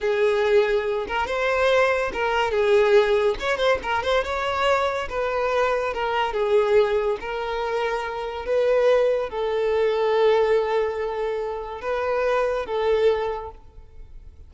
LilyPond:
\new Staff \with { instrumentName = "violin" } { \time 4/4 \tempo 4 = 142 gis'2~ gis'8 ais'8 c''4~ | c''4 ais'4 gis'2 | cis''8 c''8 ais'8 c''8 cis''2 | b'2 ais'4 gis'4~ |
gis'4 ais'2. | b'2 a'2~ | a'1 | b'2 a'2 | }